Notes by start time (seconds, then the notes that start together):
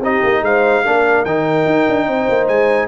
0.00 C4 D#4 G4 D#5
0.23 A#3
0.42 G#3 C5 F5
0.84 A#3 D4 A#4
1.25 D#3 D#4 G5
1.66 D#4
1.88 D4
2.07 C4 C5
2.29 A#3
2.48 G#3 G#5